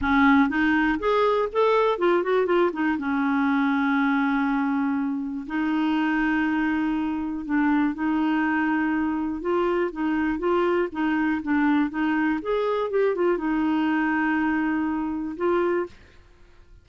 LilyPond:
\new Staff \with { instrumentName = "clarinet" } { \time 4/4 \tempo 4 = 121 cis'4 dis'4 gis'4 a'4 | f'8 fis'8 f'8 dis'8 cis'2~ | cis'2. dis'4~ | dis'2. d'4 |
dis'2. f'4 | dis'4 f'4 dis'4 d'4 | dis'4 gis'4 g'8 f'8 dis'4~ | dis'2. f'4 | }